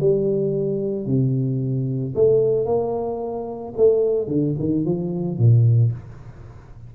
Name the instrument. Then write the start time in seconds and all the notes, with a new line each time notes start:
tuba
0.00 G3
1.06 C3
2.15 A3
2.66 A#3
3.77 A3
4.28 D3
4.59 D#3
4.85 F3
5.38 A#2